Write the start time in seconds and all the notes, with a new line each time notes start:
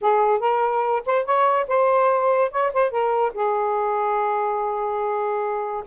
0.01 G#4
0.39 A#4
1.05 C5
1.25 C#5
1.67 C5
2.51 C#5
2.73 C5
2.90 A#4
3.34 G#4